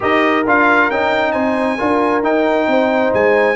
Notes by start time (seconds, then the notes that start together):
0.00 D#4 G4 A#4 D#5
0.46 D4 F4 F5
0.89 C#4 D#4 G5
1.32 C4 C5 G#5
1.78 D4 F4 A#4
2.22 D#4 G5
2.67 C4 C5
3.13 G#3 G#5